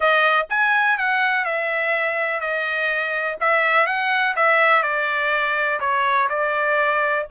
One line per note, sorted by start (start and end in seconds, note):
0.00 0.47 D#5
0.49 0.98 G#5
0.98 1.44 F#5
1.44 2.40 E5
2.40 3.37 D#5
3.40 3.86 E5
3.86 4.34 F#5
4.35 4.82 E5
4.82 5.79 D5
5.80 6.28 C#5
6.29 7.26 D5